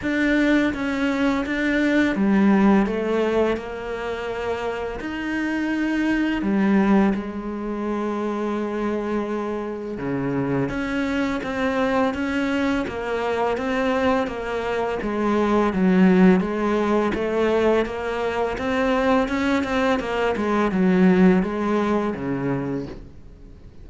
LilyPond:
\new Staff \with { instrumentName = "cello" } { \time 4/4 \tempo 4 = 84 d'4 cis'4 d'4 g4 | a4 ais2 dis'4~ | dis'4 g4 gis2~ | gis2 cis4 cis'4 |
c'4 cis'4 ais4 c'4 | ais4 gis4 fis4 gis4 | a4 ais4 c'4 cis'8 c'8 | ais8 gis8 fis4 gis4 cis4 | }